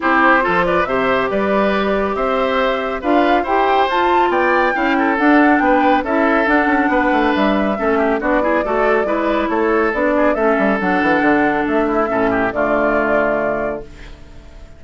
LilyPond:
<<
  \new Staff \with { instrumentName = "flute" } { \time 4/4 \tempo 4 = 139 c''4. d''8 e''4 d''4~ | d''4 e''2 f''4 | g''4 a''4 g''2 | fis''4 g''4 e''4 fis''4~ |
fis''4 e''2 d''4~ | d''2 cis''4 d''4 | e''4 fis''2 e''4~ | e''4 d''2. | }
  \new Staff \with { instrumentName = "oboe" } { \time 4/4 g'4 a'8 b'8 c''4 b'4~ | b'4 c''2 b'4 | c''2 d''4 f''8 a'8~ | a'4 b'4 a'2 |
b'2 a'8 g'8 fis'8 gis'8 | a'4 b'4 a'4. gis'8 | a'2.~ a'8 e'8 | a'8 g'8 f'2. | }
  \new Staff \with { instrumentName = "clarinet" } { \time 4/4 e'4 f'4 g'2~ | g'2. f'4 | g'4 f'2 e'4 | d'2 e'4 d'4~ |
d'2 cis'4 d'8 e'8 | fis'4 e'2 d'4 | cis'4 d'2. | cis'4 a2. | }
  \new Staff \with { instrumentName = "bassoon" } { \time 4/4 c'4 f4 c4 g4~ | g4 c'2 d'4 | e'4 f'4 b4 cis'4 | d'4 b4 cis'4 d'8 cis'8 |
b8 a8 g4 a4 b4 | a4 gis4 a4 b4 | a8 g8 fis8 e8 d4 a4 | a,4 d2. | }
>>